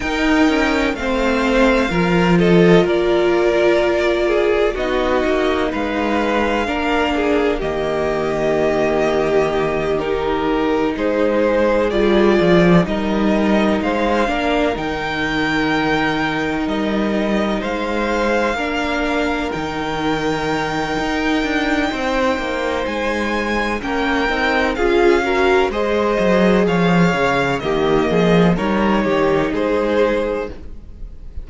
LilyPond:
<<
  \new Staff \with { instrumentName = "violin" } { \time 4/4 \tempo 4 = 63 g''4 f''4. dis''8 d''4~ | d''4 dis''4 f''2 | dis''2~ dis''8 ais'4 c''8~ | c''8 d''4 dis''4 f''4 g''8~ |
g''4. dis''4 f''4.~ | f''8 g''2.~ g''8 | gis''4 g''4 f''4 dis''4 | f''4 dis''4 cis''4 c''4 | }
  \new Staff \with { instrumentName = "violin" } { \time 4/4 ais'4 c''4 ais'8 a'8 ais'4~ | ais'8 gis'8 fis'4 b'4 ais'8 gis'8 | g'2.~ g'8 gis'8~ | gis'4. ais'4 c''8 ais'4~ |
ais'2~ ais'8 c''4 ais'8~ | ais'2. c''4~ | c''4 ais'4 gis'8 ais'8 c''4 | cis''4 g'8 gis'8 ais'8 g'8 gis'4 | }
  \new Staff \with { instrumentName = "viola" } { \time 4/4 dis'4 c'4 f'2~ | f'4 dis'2 d'4 | ais2~ ais8 dis'4.~ | dis'8 f'4 dis'4. d'8 dis'8~ |
dis'2.~ dis'8 d'8~ | d'8 dis'2.~ dis'8~ | dis'4 cis'8 dis'8 f'8 fis'8 gis'4~ | gis'4 ais4 dis'2 | }
  \new Staff \with { instrumentName = "cello" } { \time 4/4 dis'8 cis'8 a4 f4 ais4~ | ais4 b8 ais8 gis4 ais4 | dis2.~ dis8 gis8~ | gis8 g8 f8 g4 gis8 ais8 dis8~ |
dis4. g4 gis4 ais8~ | ais8 dis4. dis'8 d'8 c'8 ais8 | gis4 ais8 c'8 cis'4 gis8 fis8 | f8 cis8 dis8 f8 g8 dis8 gis4 | }
>>